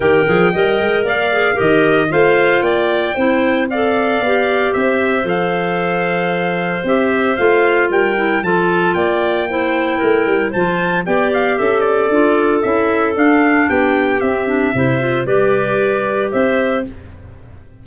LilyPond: <<
  \new Staff \with { instrumentName = "trumpet" } { \time 4/4 \tempo 4 = 114 g''2 f''4 dis''4 | f''4 g''2 f''4~ | f''4 e''4 f''2~ | f''4 e''4 f''4 g''4 |
a''4 g''2. | a''4 g''8 f''8 e''8 d''4. | e''4 f''4 g''4 e''4~ | e''4 d''2 e''4 | }
  \new Staff \with { instrumentName = "clarinet" } { \time 4/4 ais'4 dis''4 d''4 ais'4 | c''4 d''4 c''4 d''4~ | d''4 c''2.~ | c''2. ais'4 |
a'4 d''4 c''4 ais'4 | c''4 d''4 a'2~ | a'2 g'2 | c''4 b'2 c''4 | }
  \new Staff \with { instrumentName = "clarinet" } { \time 4/4 g'8 gis'8 ais'4. gis'8 g'4 | f'2 e'4 a'4 | g'2 a'2~ | a'4 g'4 f'4. e'8 |
f'2 e'2 | f'4 g'2 f'4 | e'4 d'2 c'8 d'8 | e'8 f'8 g'2. | }
  \new Staff \with { instrumentName = "tuba" } { \time 4/4 dis8 f8 g8 gis8 ais4 dis4 | a4 ais4 c'2 | b4 c'4 f2~ | f4 c'4 a4 g4 |
f4 ais2 a8 g8 | f4 b4 cis'4 d'4 | cis'4 d'4 b4 c'4 | c4 g2 c'4 | }
>>